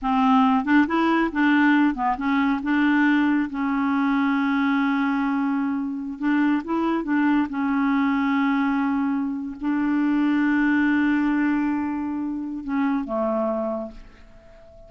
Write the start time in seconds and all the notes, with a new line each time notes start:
0.02 C4
0.64 D4
0.87 E4
1.31 D4
1.94 B3
2.17 C#4
2.62 D4
3.50 C#4
6.18 D4
6.64 E4
7.03 D4
7.49 C#4
9.60 D4
12.64 C#4
13.04 A3